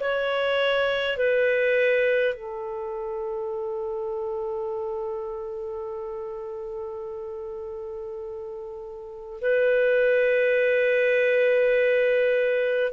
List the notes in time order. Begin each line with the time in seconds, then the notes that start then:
0.00 C#5
1.17 B4
2.34 A4
9.41 B4